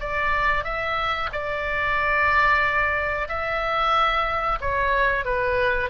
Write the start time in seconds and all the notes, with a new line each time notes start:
0.00 D5
0.64 E5
1.32 D5
3.28 E5
4.61 C#5
5.25 B4